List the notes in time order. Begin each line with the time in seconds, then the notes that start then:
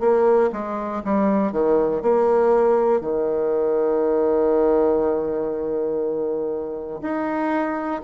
0.00 A#3
0.53 G#3
1.05 G3
1.53 D#3
2.03 A#3
3.01 D#3
7.02 D#4